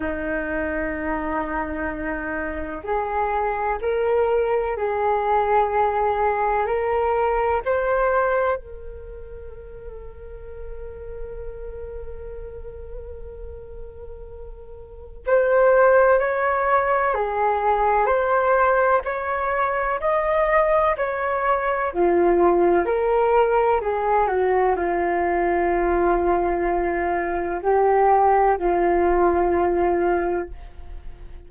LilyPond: \new Staff \with { instrumentName = "flute" } { \time 4/4 \tempo 4 = 63 dis'2. gis'4 | ais'4 gis'2 ais'4 | c''4 ais'2.~ | ais'1 |
c''4 cis''4 gis'4 c''4 | cis''4 dis''4 cis''4 f'4 | ais'4 gis'8 fis'8 f'2~ | f'4 g'4 f'2 | }